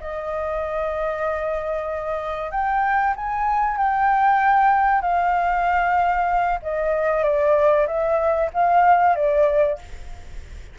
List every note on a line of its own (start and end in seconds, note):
0.00 2.51 D#5
2.51 3.14 G5
3.16 3.77 G#5
3.77 5.01 G5
5.01 6.59 F5
6.62 7.23 D#5
7.23 7.86 D5
7.87 8.50 E5
8.53 9.15 F5
9.15 9.78 D5